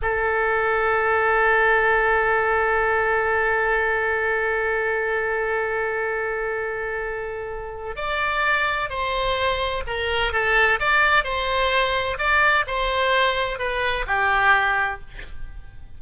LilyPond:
\new Staff \with { instrumentName = "oboe" } { \time 4/4 \tempo 4 = 128 a'1~ | a'1~ | a'1~ | a'1~ |
a'4 d''2 c''4~ | c''4 ais'4 a'4 d''4 | c''2 d''4 c''4~ | c''4 b'4 g'2 | }